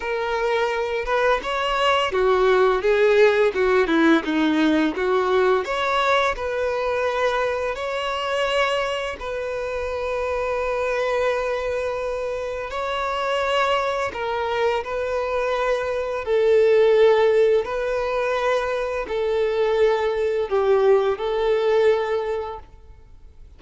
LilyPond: \new Staff \with { instrumentName = "violin" } { \time 4/4 \tempo 4 = 85 ais'4. b'8 cis''4 fis'4 | gis'4 fis'8 e'8 dis'4 fis'4 | cis''4 b'2 cis''4~ | cis''4 b'2.~ |
b'2 cis''2 | ais'4 b'2 a'4~ | a'4 b'2 a'4~ | a'4 g'4 a'2 | }